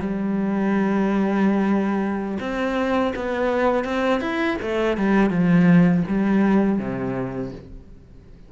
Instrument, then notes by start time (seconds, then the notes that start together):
cello
0.00 G3
2.40 C4
3.15 B3
3.84 C4
4.20 E4
4.61 A3
4.97 G3
5.30 F3
6.08 G3
6.78 C3